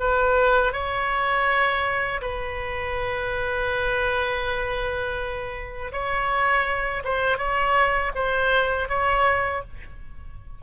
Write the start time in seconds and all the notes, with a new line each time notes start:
0.00 B4
0.73 C#5
2.22 B4
5.92 C#5
7.04 C5
7.38 C#5
8.15 C5
8.89 C#5